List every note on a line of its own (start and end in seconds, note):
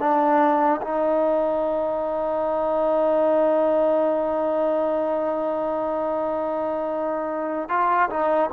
0.00 0.81 D4
0.82 7.70 D#4
7.70 8.10 F4
8.10 8.51 D#4